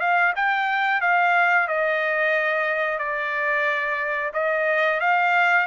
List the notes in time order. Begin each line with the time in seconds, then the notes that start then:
0.00 F5
0.36 G5
1.01 F5
1.68 D#5
2.98 D5
4.33 D#5
5.00 F5